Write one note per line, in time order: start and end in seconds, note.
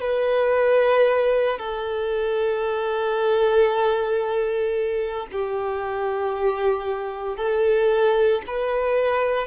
0.00 1.58 B4
1.58 5.26 A4
5.32 7.36 G4
7.36 8.42 A4
8.46 9.47 B4